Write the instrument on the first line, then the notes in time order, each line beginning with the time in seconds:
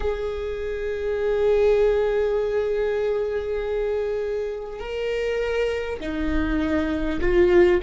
viola
0.00 G#4
4.79 A#4
5.99 D#4
7.21 F4